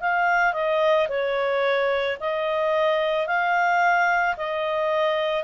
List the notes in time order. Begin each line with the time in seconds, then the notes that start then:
0.00 F5
0.53 D#5
1.09 C#5
2.20 D#5
3.27 F5
4.37 D#5